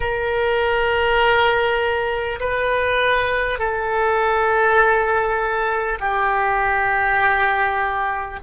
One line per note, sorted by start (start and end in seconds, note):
0.00 2.39 A#4
2.40 3.58 B4
3.58 5.98 A4
5.99 8.39 G4